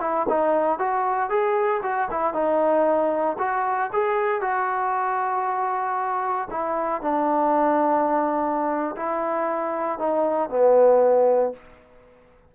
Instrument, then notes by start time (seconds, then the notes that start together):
trombone
0.00 E4
0.28 D#4
0.79 F#4
1.29 G#4
1.82 F#4
2.10 E4
2.33 D#4
3.38 F#4
3.93 G#4
4.41 F#4
6.50 E4
7.01 D4
8.96 E4
9.98 D#4
10.49 B3